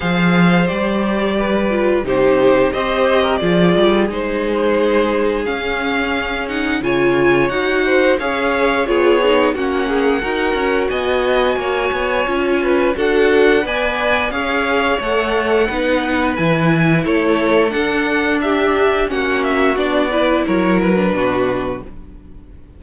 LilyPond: <<
  \new Staff \with { instrumentName = "violin" } { \time 4/4 \tempo 4 = 88 f''4 d''2 c''4 | dis''4 d''4 c''2 | f''4. fis''8 gis''4 fis''4 | f''4 cis''4 fis''2 |
gis''2. fis''4 | gis''4 f''4 fis''2 | gis''4 cis''4 fis''4 e''4 | fis''8 e''8 d''4 cis''8 b'4. | }
  \new Staff \with { instrumentName = "violin" } { \time 4/4 c''2 b'4 g'4 | c''8. ais'16 gis'2.~ | gis'2 cis''4. c''8 | cis''4 gis'4 fis'8 gis'8 ais'4 |
dis''4 cis''4. b'8 a'4 | d''4 cis''2 b'4~ | b'4 a'2 g'4 | fis'4. b'8 ais'4 fis'4 | }
  \new Staff \with { instrumentName = "viola" } { \time 4/4 gis'4 g'4. f'8 dis'4 | g'4 f'4 dis'2 | cis'4. dis'8 f'4 fis'4 | gis'4 f'8 dis'8 cis'4 fis'4~ |
fis'2 f'4 fis'4 | b'4 gis'4 a'4 dis'4 | e'2 d'2 | cis'4 d'8 e'4~ e'16 d'4~ d'16 | }
  \new Staff \with { instrumentName = "cello" } { \time 4/4 f4 g2 c4 | c'4 f8 g8 gis2 | cis'2 cis4 dis'4 | cis'4 b4 ais4 dis'8 cis'8 |
b4 ais8 b8 cis'4 d'4 | b4 cis'4 a4 b4 | e4 a4 d'2 | ais4 b4 fis4 b,4 | }
>>